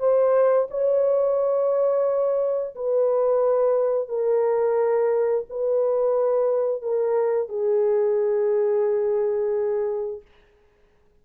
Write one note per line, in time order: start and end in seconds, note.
0.00 0.68 C5
0.71 2.75 C#5
2.76 4.09 B4
4.09 5.45 A#4
5.50 6.82 B4
6.82 7.49 A#4
7.49 10.22 G#4